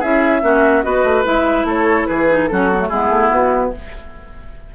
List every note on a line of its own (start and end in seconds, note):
0.00 0.43 C#4
0.00 0.42 E4
0.00 0.41 G#4
0.00 0.83 E5
0.42 0.85 A#3
0.42 0.84 C#4
0.42 0.86 F#4
0.83 1.04 B3
0.83 1.25 F#4
0.83 1.67 B4
0.83 1.24 D#5
1.04 1.25 A3
1.25 1.65 G#3
1.25 2.28 E4
1.25 1.68 E5
1.65 2.06 A3
1.65 2.08 A4
1.65 2.07 C#5
2.07 2.51 E3
2.07 2.50 G#4
2.07 2.47 B4
2.29 2.50 D#4
2.47 2.91 F#3
2.47 2.71 C#4
2.47 2.88 F#4
2.47 2.89 A4
2.72 2.81 B3
2.81 2.91 A3
2.88 3.10 G#3
2.88 3.76 B3
2.88 3.71 E4
2.88 3.30 G#4
3.10 3.30 A3
3.31 3.72 B3
3.31 3.72 F#4